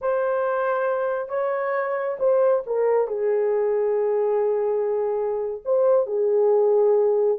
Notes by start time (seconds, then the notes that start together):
0.01 C5
1.29 C#5
2.19 C5
2.66 A#4
3.07 G#4
5.64 C5
6.06 G#4